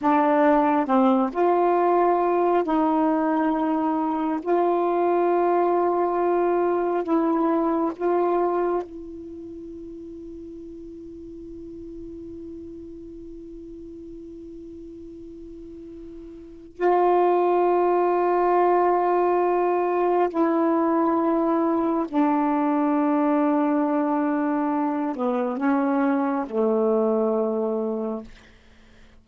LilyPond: \new Staff \with { instrumentName = "saxophone" } { \time 4/4 \tempo 4 = 68 d'4 c'8 f'4. dis'4~ | dis'4 f'2. | e'4 f'4 e'2~ | e'1~ |
e'2. f'4~ | f'2. e'4~ | e'4 d'2.~ | d'8 b8 cis'4 a2 | }